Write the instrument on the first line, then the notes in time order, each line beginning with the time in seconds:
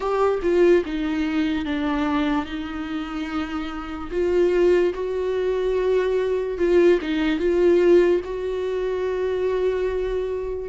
viola
0.00 G4
0.42 F4
0.85 D#4
1.65 D4
2.45 D#4
4.11 F4
4.94 F#4
6.58 F4
7.01 D#4
7.39 F4
8.24 F#4